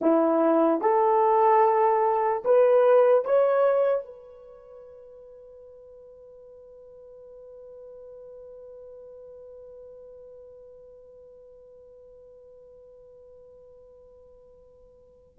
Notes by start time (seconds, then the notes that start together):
0.01 E4
0.81 A4
2.44 B4
3.24 C#5
4.04 B4